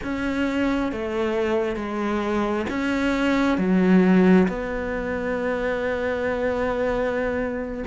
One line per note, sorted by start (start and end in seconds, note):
0.03 0.92 C#4
0.92 1.75 A3
1.75 2.65 G#3
2.69 3.57 C#4
3.57 4.47 F#3
4.48 7.84 B3